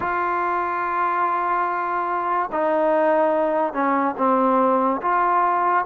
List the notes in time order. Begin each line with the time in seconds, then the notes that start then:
0.00 F4
2.52 D#4
3.73 C#4
4.17 C4
5.02 F4